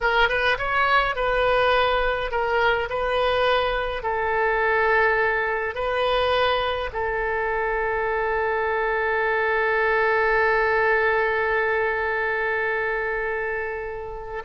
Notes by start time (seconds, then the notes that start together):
0.00 A#4
0.29 B4
0.58 C#5
1.15 B4
2.31 A#4
2.89 B4
4.03 A4
5.74 B4
6.92 A4